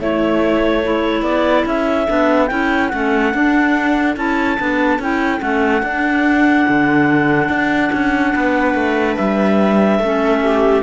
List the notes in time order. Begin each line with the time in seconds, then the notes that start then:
0.00 A3 E4 C#5
0.84 E4 A4
1.22 B3 D5
1.66 C#4 E5
2.08 B3 D4
2.47 C#4 E4 G5
2.89 A3 C#4 F#5
3.34 D4
4.16 C#4 E4 A5
4.59 B3 D4
4.99 C#4 E4 G5
5.40 A3 C#4 F#5
5.83 D4
6.69 D3
7.49 D4
7.93 C#4
8.35 B3 B4
8.75 A3
9.17 G3 E5
10.00 A3 C#4 A4
10.44 G4